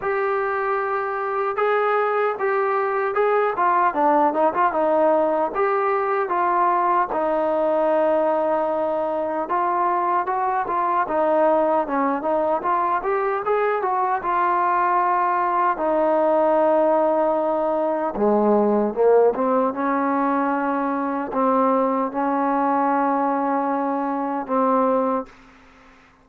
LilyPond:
\new Staff \with { instrumentName = "trombone" } { \time 4/4 \tempo 4 = 76 g'2 gis'4 g'4 | gis'8 f'8 d'8 dis'16 f'16 dis'4 g'4 | f'4 dis'2. | f'4 fis'8 f'8 dis'4 cis'8 dis'8 |
f'8 g'8 gis'8 fis'8 f'2 | dis'2. gis4 | ais8 c'8 cis'2 c'4 | cis'2. c'4 | }